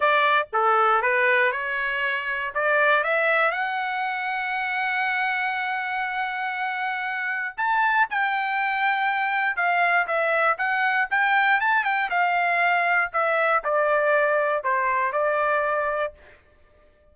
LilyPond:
\new Staff \with { instrumentName = "trumpet" } { \time 4/4 \tempo 4 = 119 d''4 a'4 b'4 cis''4~ | cis''4 d''4 e''4 fis''4~ | fis''1~ | fis''2. a''4 |
g''2. f''4 | e''4 fis''4 g''4 a''8 g''8 | f''2 e''4 d''4~ | d''4 c''4 d''2 | }